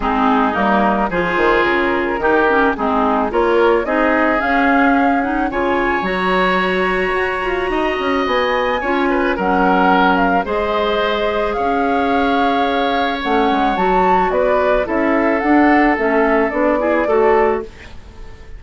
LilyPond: <<
  \new Staff \with { instrumentName = "flute" } { \time 4/4 \tempo 4 = 109 gis'4 ais'4 c''4 ais'4~ | ais'4 gis'4 cis''4 dis''4 | f''4. fis''8 gis''4 ais''4~ | ais''2. gis''4~ |
gis''4 fis''4. f''8 dis''4~ | dis''4 f''2. | fis''4 a''4 d''4 e''4 | fis''4 e''4 d''2 | }
  \new Staff \with { instrumentName = "oboe" } { \time 4/4 dis'2 gis'2 | g'4 dis'4 ais'4 gis'4~ | gis'2 cis''2~ | cis''2 dis''2 |
cis''8 b'8 ais'2 c''4~ | c''4 cis''2.~ | cis''2 b'4 a'4~ | a'2~ a'8 gis'8 a'4 | }
  \new Staff \with { instrumentName = "clarinet" } { \time 4/4 c'4 ais4 f'2 | dis'8 cis'8 c'4 f'4 dis'4 | cis'4. dis'8 f'4 fis'4~ | fis'1 |
f'4 cis'2 gis'4~ | gis'1 | cis'4 fis'2 e'4 | d'4 cis'4 d'8 e'8 fis'4 | }
  \new Staff \with { instrumentName = "bassoon" } { \time 4/4 gis4 g4 f8 dis8 cis4 | dis4 gis4 ais4 c'4 | cis'2 cis4 fis4~ | fis4 fis'8 f'8 dis'8 cis'8 b4 |
cis'4 fis2 gis4~ | gis4 cis'2. | a8 gis8 fis4 b4 cis'4 | d'4 a4 b4 a4 | }
>>